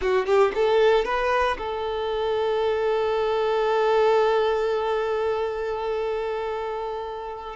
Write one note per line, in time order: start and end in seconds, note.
0.01 0.25 F#4
0.25 0.51 G4
0.55 1.05 A4
1.05 1.57 B4
1.58 7.56 A4